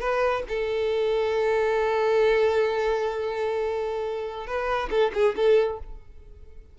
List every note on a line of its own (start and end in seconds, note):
0.00 0.43 B4
0.48 4.47 A4
4.47 4.89 B4
4.90 5.12 A4
5.14 5.35 G#4
5.36 5.79 A4